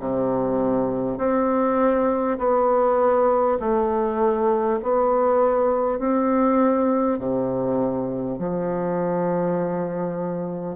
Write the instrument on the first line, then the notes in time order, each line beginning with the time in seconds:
bassoon
0.00 C3
1.18 C4
2.38 B3
3.60 A3
4.83 B3
5.99 C4
7.19 C3
8.38 F3